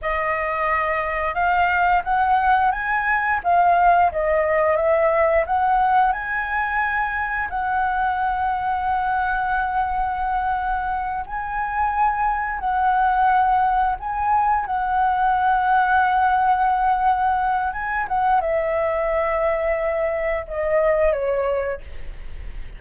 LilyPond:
\new Staff \with { instrumentName = "flute" } { \time 4/4 \tempo 4 = 88 dis''2 f''4 fis''4 | gis''4 f''4 dis''4 e''4 | fis''4 gis''2 fis''4~ | fis''1~ |
fis''8 gis''2 fis''4.~ | fis''8 gis''4 fis''2~ fis''8~ | fis''2 gis''8 fis''8 e''4~ | e''2 dis''4 cis''4 | }